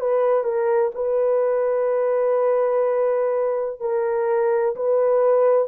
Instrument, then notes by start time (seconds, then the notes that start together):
horn
0.00 B4
0.44 A#4
0.94 B4
3.80 A#4
4.75 B4